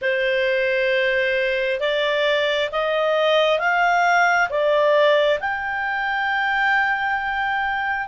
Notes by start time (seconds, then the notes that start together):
0.01 C5
1.80 D5
2.71 D#5
3.59 F5
4.49 D5
5.40 G5